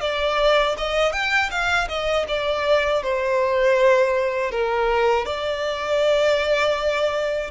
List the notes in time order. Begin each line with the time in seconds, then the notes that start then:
0.00 D5
0.77 D#5
1.12 G5
1.50 F5
1.88 D#5
2.28 D5
3.03 C5
4.51 A#4
5.25 D5